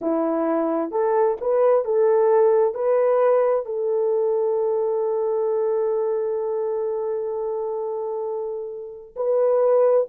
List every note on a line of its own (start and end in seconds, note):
0.01 0.91 E4
0.91 1.37 A4
1.41 1.84 B4
1.84 2.74 A4
2.74 3.65 B4
3.65 9.15 A4
9.16 10.07 B4